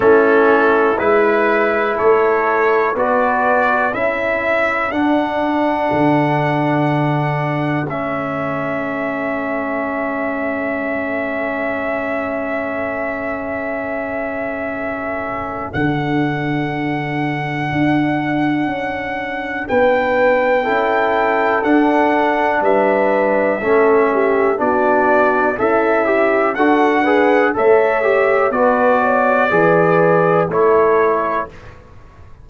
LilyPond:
<<
  \new Staff \with { instrumentName = "trumpet" } { \time 4/4 \tempo 4 = 61 a'4 b'4 cis''4 d''4 | e''4 fis''2. | e''1~ | e''1 |
fis''1 | g''2 fis''4 e''4~ | e''4 d''4 e''4 fis''4 | e''4 d''2 cis''4 | }
  \new Staff \with { instrumentName = "horn" } { \time 4/4 e'2 a'4 b'4 | a'1~ | a'1~ | a'1~ |
a'1 | b'4 a'2 b'4 | a'8 g'8 fis'4 e'4 a'8 b'8 | cis''4 b'8 cis''8 b'4 a'4 | }
  \new Staff \with { instrumentName = "trombone" } { \time 4/4 cis'4 e'2 fis'4 | e'4 d'2. | cis'1~ | cis'1 |
d'1~ | d'4 e'4 d'2 | cis'4 d'4 a'8 g'8 fis'8 gis'8 | a'8 g'8 fis'4 gis'4 e'4 | }
  \new Staff \with { instrumentName = "tuba" } { \time 4/4 a4 gis4 a4 b4 | cis'4 d'4 d2 | a1~ | a1 |
d2 d'4 cis'4 | b4 cis'4 d'4 g4 | a4 b4 cis'4 d'4 | a4 b4 e4 a4 | }
>>